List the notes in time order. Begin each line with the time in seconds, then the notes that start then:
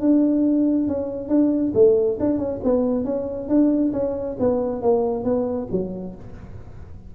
0.00 D4
0.87 C#4
1.28 D4
1.74 A3
2.19 D4
2.38 C#4
2.64 B3
3.04 C#4
3.48 D4
3.93 C#4
4.39 B3
4.81 A#3
5.24 B3
5.71 F#3